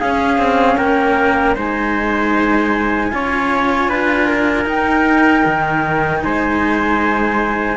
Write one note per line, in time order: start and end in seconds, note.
0.00 0.38 C#4
0.00 1.56 C#4
0.00 0.77 G#4
0.00 0.77 F5
0.38 0.77 C4
0.77 1.56 A#3
0.77 1.55 A#4
0.77 1.55 G5
1.56 3.12 G#3
1.56 3.11 D#4
1.56 3.12 C5
1.56 4.69 G#5
3.11 3.88 C#4
3.11 4.65 F4
3.11 3.90 C#5
3.88 4.66 D4
3.88 4.27 B4
4.27 6.22 A#4
4.65 7.76 D#4
4.65 5.44 D#4
4.65 6.23 G5
5.45 6.23 D#3
6.23 7.78 G#3
6.23 7.78 C5
6.23 7.78 G#5